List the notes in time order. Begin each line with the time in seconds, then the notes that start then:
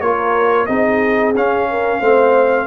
0.00 A#3 F4 A#4 C#5
0.66 C4 D#4 G#4 D#5
1.34 C#4 F5
1.70 A#4
2.00 A3 C4 C5